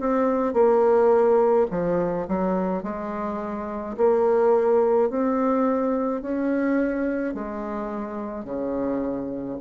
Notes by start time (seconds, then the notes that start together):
0.00 C4
0.54 A#3
1.71 F3
2.28 F#3
2.84 G#3
3.98 A#3
5.10 C4
6.22 C#4
7.35 G#3
8.45 C#3